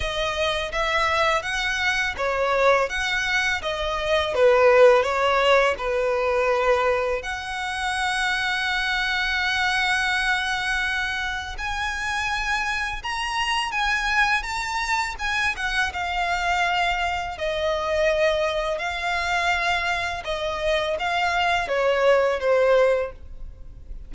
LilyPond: \new Staff \with { instrumentName = "violin" } { \time 4/4 \tempo 4 = 83 dis''4 e''4 fis''4 cis''4 | fis''4 dis''4 b'4 cis''4 | b'2 fis''2~ | fis''1 |
gis''2 ais''4 gis''4 | ais''4 gis''8 fis''8 f''2 | dis''2 f''2 | dis''4 f''4 cis''4 c''4 | }